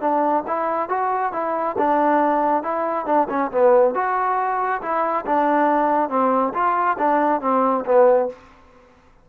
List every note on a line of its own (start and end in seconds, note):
0.00 0.43 D4
0.47 0.89 E4
0.89 1.32 F#4
1.33 1.76 E4
1.78 2.63 D4
2.63 3.06 E4
3.06 3.27 D4
3.29 3.51 C#4
3.51 3.94 B3
3.94 4.81 F#4
4.81 5.25 E4
5.25 6.09 D4
6.09 6.53 C4
6.54 6.97 F4
6.98 7.41 D4
7.41 7.84 C4
7.85 8.29 B3